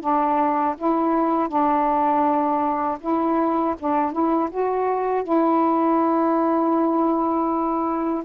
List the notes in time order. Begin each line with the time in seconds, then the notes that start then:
0.00 D4
0.77 E4
1.48 D4
3.00 E4
3.79 D4
4.11 E4
4.50 F#4
5.23 E4